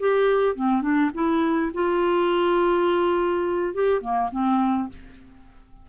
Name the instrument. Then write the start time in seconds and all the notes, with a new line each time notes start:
clarinet
0.00 G4
0.56 C4
0.82 D4
1.14 E4
1.74 F4
3.74 G4
4.02 A#3
4.32 C4